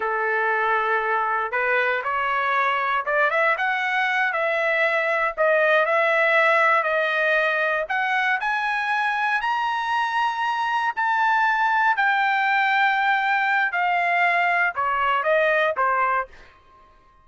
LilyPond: \new Staff \with { instrumentName = "trumpet" } { \time 4/4 \tempo 4 = 118 a'2. b'4 | cis''2 d''8 e''8 fis''4~ | fis''8 e''2 dis''4 e''8~ | e''4. dis''2 fis''8~ |
fis''8 gis''2 ais''4.~ | ais''4. a''2 g''8~ | g''2. f''4~ | f''4 cis''4 dis''4 c''4 | }